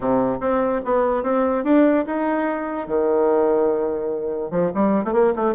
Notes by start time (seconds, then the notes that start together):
0.00 C3
0.40 C4
0.84 B3
1.23 C4
1.64 D4
2.05 D#4
2.87 D#3
4.50 F3
4.74 G3
5.04 A3
5.13 A#3
5.35 A3